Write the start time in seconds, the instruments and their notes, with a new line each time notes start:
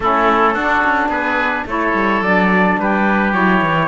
0.00 cello A3, saxophone C#4, oboe E4, trumpet A4
0.53 cello D4, saxophone D4, oboe F#4
0.84 cello C#4
1.08 cello B3, oboe G#4, trumpet B4
1.65 cello A3, saxophone E4, oboe A4, trumpet C#5
1.93 cello G3
2.21 cello F#3, saxophone D4, trumpet D5
2.78 cello G3, oboe G4, trumpet B4
3.32 cello F#3, saxophone E4, trumpet C#5
3.61 cello E3